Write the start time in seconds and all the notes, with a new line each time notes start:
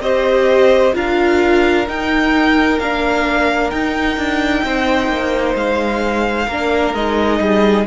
0.00 C4 G4 C5 D#5
0.94 D4 F4 A#4 F5
1.87 D#4 G5
2.79 A#3 D4 F5
3.70 D#4 G5
4.17 D4
4.64 C4 C5
5.08 A#3
5.55 G#3 F5
6.47 A#3 D4 A#4
6.94 G#3 D#4 D#5
7.40 G3 G#4